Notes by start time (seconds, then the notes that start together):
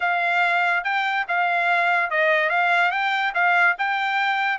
0.00 F5
0.84 G5
1.28 F5
2.10 D#5
2.49 F5
2.91 G5
3.34 F5
3.78 G5